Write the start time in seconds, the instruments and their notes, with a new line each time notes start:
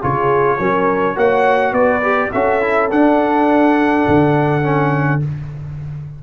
0.00 tuba C#3, trombone F4, horn G#4, trumpet C#5
0.59 tuba F#3, trombone C#4, horn A#4
1.15 tuba A#3, trombone F#4, horn C#5, trumpet F#5
1.72 tuba B3, horn B4, trumpet D5
2.03 trombone G4
2.31 tuba C#4, trombone F#4, horn A4, trumpet E5
2.61 trombone E4
2.91 tuba D4, trombone D4, trumpet F#5
4.08 tuba D3
4.62 trombone C#4